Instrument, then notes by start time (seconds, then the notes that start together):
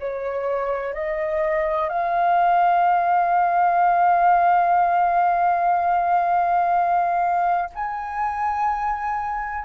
flute
0.00 C#5
0.94 D#5
1.89 F5
7.75 G#5